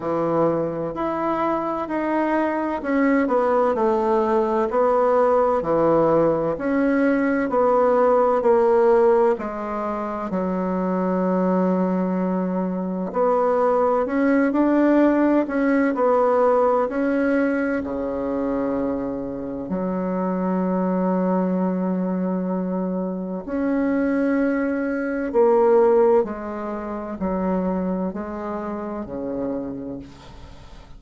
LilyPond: \new Staff \with { instrumentName = "bassoon" } { \time 4/4 \tempo 4 = 64 e4 e'4 dis'4 cis'8 b8 | a4 b4 e4 cis'4 | b4 ais4 gis4 fis4~ | fis2 b4 cis'8 d'8~ |
d'8 cis'8 b4 cis'4 cis4~ | cis4 fis2.~ | fis4 cis'2 ais4 | gis4 fis4 gis4 cis4 | }